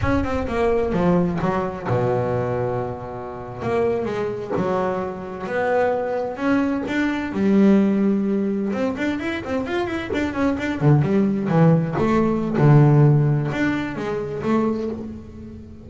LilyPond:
\new Staff \with { instrumentName = "double bass" } { \time 4/4 \tempo 4 = 129 cis'8 c'8 ais4 f4 fis4 | b,2.~ b,8. ais16~ | ais8. gis4 fis2 b16~ | b4.~ b16 cis'4 d'4 g16~ |
g2~ g8. c'8 d'8 e'16~ | e'16 c'8 f'8 e'8 d'8 cis'8 d'8 d8 g16~ | g8. e4 a4~ a16 d4~ | d4 d'4 gis4 a4 | }